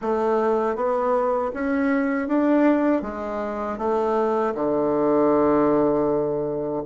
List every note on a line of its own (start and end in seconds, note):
0.01 0.75 A3
0.75 1.51 B3
1.53 2.28 C#4
2.28 3.02 D4
3.02 3.78 G#3
3.78 4.54 A3
4.54 6.82 D3